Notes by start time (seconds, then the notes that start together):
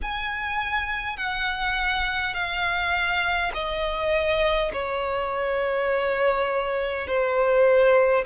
0.02 G#5
1.17 F#5
2.34 F5
3.53 D#5
4.72 C#5
7.06 C5